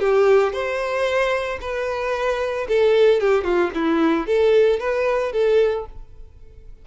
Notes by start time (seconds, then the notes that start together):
0.00 G4
0.53 C5
1.61 B4
2.69 A4
3.21 G4
3.44 F4
3.75 E4
4.27 A4
4.80 B4
5.33 A4